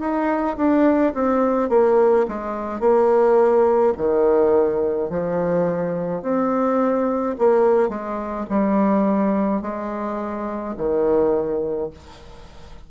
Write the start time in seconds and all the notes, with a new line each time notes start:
0.00 D#4
0.57 D4
1.14 C4
1.69 A#3
2.28 G#3
2.80 A#3
3.97 D#3
5.10 F3
6.23 C4
7.38 A#3
7.89 G#3
8.50 G3
9.62 G#3
10.77 D#3